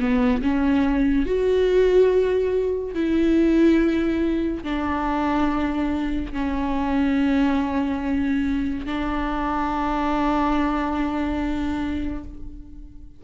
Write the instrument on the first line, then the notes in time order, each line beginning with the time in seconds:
viola
0.00 B3
0.43 C#4
1.26 F#4
2.95 E4
4.64 D4
6.33 C#4
8.86 D4